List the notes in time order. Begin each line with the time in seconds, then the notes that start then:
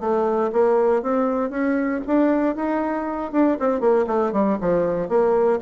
0.00 A3
0.52 A#3
1.02 C4
1.50 C#4
2.07 D4
2.56 D#4
3.32 D4
3.60 C4
3.80 A#3
4.07 A3
4.32 G3
4.61 F3
5.09 A#3